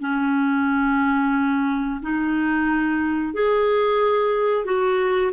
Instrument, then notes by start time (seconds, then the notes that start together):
clarinet
0.00 C#4
2.02 D#4
3.33 G#4
4.65 F#4